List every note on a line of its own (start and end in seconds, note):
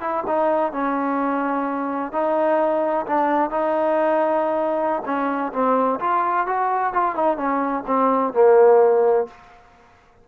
0.00 0.23 E4
0.27 0.72 D#4
0.72 2.12 C#4
2.12 3.06 D#4
3.06 3.50 D4
3.50 5.02 D#4
5.05 5.52 C#4
5.52 5.99 C4
5.99 6.46 F4
6.46 6.93 F#4
6.93 7.15 F4
7.15 7.37 D#4
7.37 7.84 C#4
7.86 8.33 C4
8.33 9.27 A#3